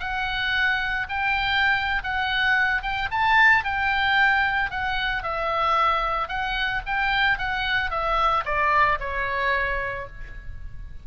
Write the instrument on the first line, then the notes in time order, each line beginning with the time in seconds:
oboe
0.00 F#5
1.09 G5
2.04 F#5
2.82 G5
3.11 A5
3.64 G5
4.70 F#5
5.23 E5
6.28 F#5
6.86 G5
7.38 F#5
7.91 E5
8.45 D5
9.00 C#5